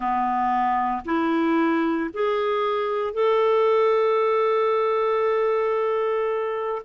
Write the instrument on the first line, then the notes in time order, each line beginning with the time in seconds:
clarinet
0.00 B3
1.05 E4
2.13 G#4
3.13 A4